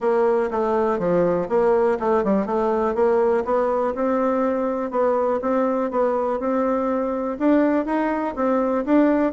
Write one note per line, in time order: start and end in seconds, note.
0.00 0.50 A#3
0.51 0.99 A3
0.99 1.48 F3
1.49 1.98 A#3
1.99 2.24 A3
2.24 2.45 G3
2.45 2.94 A3
2.94 3.44 A#3
3.44 3.93 B3
3.94 4.90 C4
4.90 5.39 B3
5.41 5.90 C4
5.90 6.39 B3
6.39 7.37 C4
7.38 7.85 D4
7.85 8.35 D#4
8.35 8.84 C4
8.85 9.32 D4